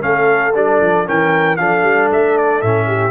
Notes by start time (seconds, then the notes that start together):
0.00 A3 C#4 A4 F5
0.54 G3 D4 D5
0.81 F3
1.05 E3 C#4 A#4 G5
1.56 F3 D4 A4 F5
1.82 G3
2.11 A3 E5
2.38 D5
2.61 A2 C#4 E5
2.87 G4